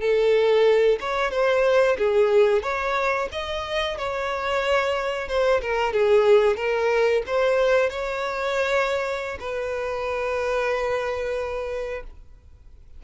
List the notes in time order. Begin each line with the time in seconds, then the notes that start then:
0.00 A4
1.00 C#5
1.31 C5
1.98 G#4
2.63 C#5
3.32 D#5
3.98 C#5
5.28 C5
5.62 A#4
5.93 G#4
6.57 A#4
7.26 C5
7.90 C#5
9.40 B4